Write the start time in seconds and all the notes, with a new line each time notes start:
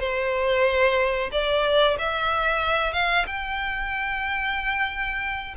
0.00 C5
1.32 D5
1.99 E5
2.93 F5
3.27 G5